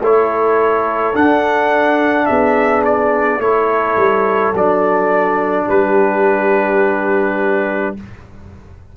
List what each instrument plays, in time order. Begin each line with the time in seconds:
0.00 tuba A3, trombone E4, horn A4, trumpet C#5
1.14 trombone D4, tuba D4, trumpet F#5
2.26 tuba B3, horn G#4, trumpet E5
2.85 trumpet D5
3.39 tuba A3, trombone E4, horn A4, trumpet C#5
3.96 tuba G3
4.54 tuba F#3, trombone D4, trumpet D5
5.67 tuba G3, horn G4, trumpet B4